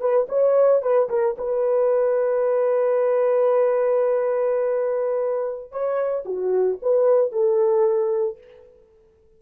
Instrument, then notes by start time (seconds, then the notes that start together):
horn
0.00 B4
0.28 C#5
0.82 B4
1.09 A#4
1.38 B4
5.71 C#5
6.25 F#4
6.82 B4
7.32 A4